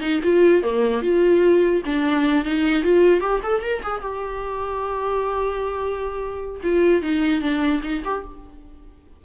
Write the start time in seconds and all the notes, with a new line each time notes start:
0.00 D#4
0.23 F4
0.62 A#3
1.02 F4
1.85 D4
2.44 D#4
2.83 F4
3.20 G4
3.43 A4
3.62 A#4
3.82 G#4
4.01 G4
6.63 F4
7.01 D#4
7.41 D4
7.83 D#4
8.04 G4